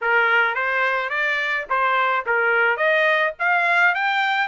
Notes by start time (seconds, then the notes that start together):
0.01 A#4
0.54 C5
1.09 D5
1.69 C5
2.26 A#4
2.77 D#5
3.39 F5
3.94 G5